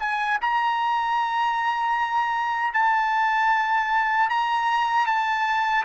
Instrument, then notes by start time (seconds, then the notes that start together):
trumpet
0.00 G#5
0.41 A#5
2.74 A5
4.30 A#5
5.06 A5